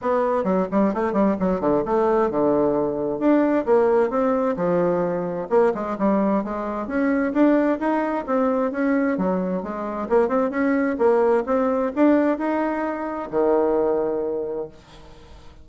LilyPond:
\new Staff \with { instrumentName = "bassoon" } { \time 4/4 \tempo 4 = 131 b4 fis8 g8 a8 g8 fis8 d8 | a4 d2 d'4 | ais4 c'4 f2 | ais8 gis8 g4 gis4 cis'4 |
d'4 dis'4 c'4 cis'4 | fis4 gis4 ais8 c'8 cis'4 | ais4 c'4 d'4 dis'4~ | dis'4 dis2. | }